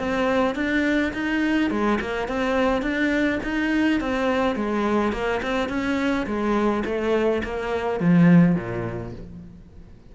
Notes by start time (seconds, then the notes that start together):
0.00 C4
0.56 D4
1.14 D#4
1.71 G#3
2.02 A#3
2.29 C4
2.83 D4
3.44 D#4
4.01 C4
4.56 G#3
5.13 A#3
5.43 C4
5.69 C#4
6.27 G#3
6.86 A3
7.44 A#3
8.01 F3
8.56 A#2